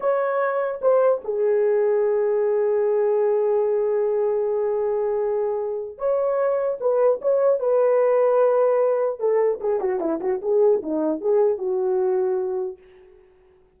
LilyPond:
\new Staff \with { instrumentName = "horn" } { \time 4/4 \tempo 4 = 150 cis''2 c''4 gis'4~ | gis'1~ | gis'1~ | gis'2. cis''4~ |
cis''4 b'4 cis''4 b'4~ | b'2. a'4 | gis'8 fis'8 e'8 fis'8 gis'4 dis'4 | gis'4 fis'2. | }